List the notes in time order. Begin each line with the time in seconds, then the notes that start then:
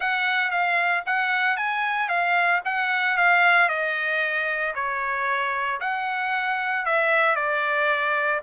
0.00 F#5
0.50 F5
1.06 F#5
1.56 G#5
2.08 F5
2.64 F#5
3.17 F5
3.68 D#5
4.74 C#5
5.80 F#5
6.85 E5
7.35 D5